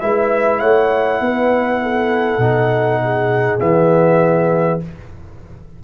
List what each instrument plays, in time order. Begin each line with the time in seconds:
0.00 tuba G#3, trombone E4, horn B4, trumpet E5
0.59 tuba A3, horn C#5, trumpet F#5
1.21 tuba B3, horn B4
1.82 horn A4
2.38 tuba B2, trombone D#4
3.04 horn G#4
3.60 tuba E3, trombone B3, trumpet E5